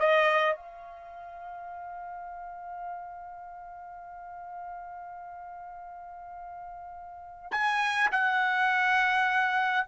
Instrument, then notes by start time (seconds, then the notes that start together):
trumpet
0.00 D#5
0.56 F5
7.52 G#5
8.12 F#5